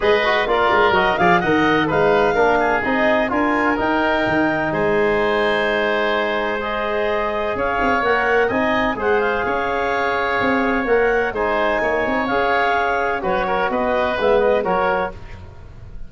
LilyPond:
<<
  \new Staff \with { instrumentName = "clarinet" } { \time 4/4 \tempo 4 = 127 dis''4 d''4 dis''8 f''8 fis''4 | f''2 dis''4 gis''4 | g''2 gis''2~ | gis''2 dis''2 |
f''4 fis''4 gis''4 fis''8 f''8~ | f''2. fis''4 | gis''2 f''2 | cis''4 dis''4 e''8 dis''8 cis''4 | }
  \new Staff \with { instrumentName = "oboe" } { \time 4/4 b'4 ais'4. d''8 dis''4 | b'4 ais'8 gis'4. ais'4~ | ais'2 c''2~ | c''1 |
cis''2 dis''4 c''4 | cis''1 | c''4 cis''2. | b'8 ais'8 b'2 ais'4 | }
  \new Staff \with { instrumentName = "trombone" } { \time 4/4 gis'8 fis'8 f'4 fis'8 gis'8 ais'4 | dis'4 d'4 dis'4 f'4 | dis'1~ | dis'2 gis'2~ |
gis'4 ais'4 dis'4 gis'4~ | gis'2. ais'4 | dis'2 gis'2 | fis'2 b4 fis'4 | }
  \new Staff \with { instrumentName = "tuba" } { \time 4/4 gis4 ais8 gis8 fis8 f8 dis4 | gis4 ais4 c'4 d'4 | dis'4 dis4 gis2~ | gis1 |
cis'8 c'8 ais4 c'4 gis4 | cis'2 c'4 ais4 | gis4 ais8 c'8 cis'2 | fis4 b4 gis4 fis4 | }
>>